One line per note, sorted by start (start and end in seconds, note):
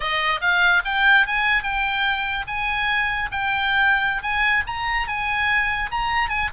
0.00 0.40 D#5
0.41 0.82 F5
0.84 1.26 G5
1.26 1.63 G#5
1.63 2.45 G5
2.47 3.30 G#5
3.31 4.22 G5
4.22 4.63 G#5
4.66 5.07 A#5
5.07 5.90 G#5
5.91 6.29 A#5
6.29 6.50 G#5